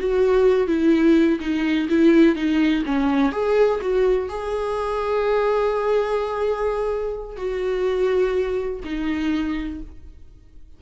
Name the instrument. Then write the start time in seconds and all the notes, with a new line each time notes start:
viola
0.00 F#4
0.68 E4
1.41 D#4
1.90 E4
2.36 D#4
2.86 C#4
3.33 G#4
3.82 F#4
4.29 G#4
7.37 F#4
8.85 D#4